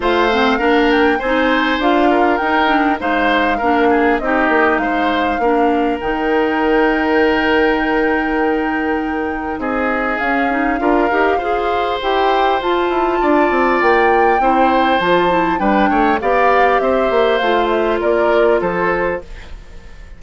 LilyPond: <<
  \new Staff \with { instrumentName = "flute" } { \time 4/4 \tempo 4 = 100 f''4. g''8 gis''4 f''4 | g''4 f''2 dis''4 | f''2 g''2~ | g''1 |
dis''4 f''2. | g''4 a''2 g''4~ | g''4 a''4 g''4 f''4 | e''4 f''8 e''8 d''4 c''4 | }
  \new Staff \with { instrumentName = "oboe" } { \time 4/4 c''4 ais'4 c''4. ais'8~ | ais'4 c''4 ais'8 gis'8 g'4 | c''4 ais'2.~ | ais'1 |
gis'2 ais'4 c''4~ | c''2 d''2 | c''2 b'8 cis''8 d''4 | c''2 ais'4 a'4 | }
  \new Staff \with { instrumentName = "clarinet" } { \time 4/4 f'8 c'8 d'4 dis'4 f'4 | dis'8 d'8 dis'4 d'4 dis'4~ | dis'4 d'4 dis'2~ | dis'1~ |
dis'4 cis'8 dis'8 f'8 g'8 gis'4 | g'4 f'2. | e'4 f'8 e'8 d'4 g'4~ | g'4 f'2. | }
  \new Staff \with { instrumentName = "bassoon" } { \time 4/4 a4 ais4 c'4 d'4 | dis'4 gis4 ais4 c'8 ais8 | gis4 ais4 dis2~ | dis1 |
c'4 cis'4 d'8 dis'8 f'4 | e'4 f'8 e'8 d'8 c'8 ais4 | c'4 f4 g8 a8 b4 | c'8 ais8 a4 ais4 f4 | }
>>